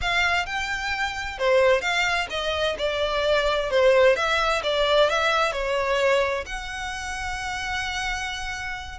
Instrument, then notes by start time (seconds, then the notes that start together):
violin
0.01 F5
0.46 G5
1.38 C5
1.81 F5
2.30 D#5
2.78 D5
3.70 C5
4.16 E5
4.63 D5
5.09 E5
5.52 C#5
6.46 F#5